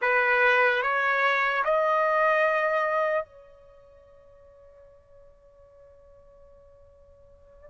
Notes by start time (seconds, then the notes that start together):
0.01 B4
0.82 C#5
1.64 D#5
3.25 C#5